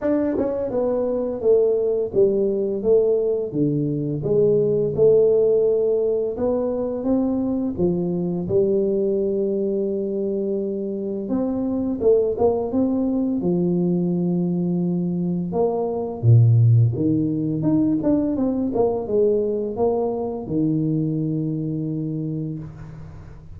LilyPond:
\new Staff \with { instrumentName = "tuba" } { \time 4/4 \tempo 4 = 85 d'8 cis'8 b4 a4 g4 | a4 d4 gis4 a4~ | a4 b4 c'4 f4 | g1 |
c'4 a8 ais8 c'4 f4~ | f2 ais4 ais,4 | dis4 dis'8 d'8 c'8 ais8 gis4 | ais4 dis2. | }